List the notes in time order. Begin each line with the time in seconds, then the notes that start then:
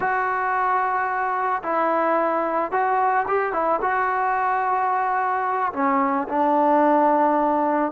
0.00 F#4
1.62 E4
2.71 F#4
3.27 G4
3.52 E4
3.81 F#4
5.72 C#4
6.28 D4